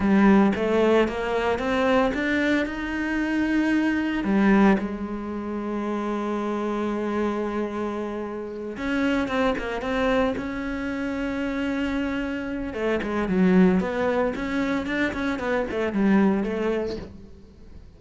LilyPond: \new Staff \with { instrumentName = "cello" } { \time 4/4 \tempo 4 = 113 g4 a4 ais4 c'4 | d'4 dis'2. | g4 gis2.~ | gis1~ |
gis8 cis'4 c'8 ais8 c'4 cis'8~ | cis'1 | a8 gis8 fis4 b4 cis'4 | d'8 cis'8 b8 a8 g4 a4 | }